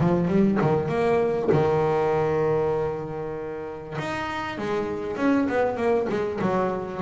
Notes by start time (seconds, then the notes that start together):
0.00 F3
0.28 G3
0.62 D#3
0.88 A#3
1.53 D#3
3.99 D#4
4.59 G#3
5.17 C#4
5.49 B3
5.77 A#3
6.09 G#3
6.41 F#3